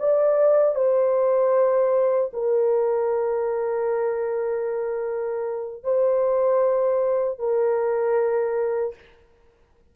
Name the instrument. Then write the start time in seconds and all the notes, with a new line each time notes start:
horn
0.00 D5
0.75 C5
2.33 A#4
5.84 C5
7.39 A#4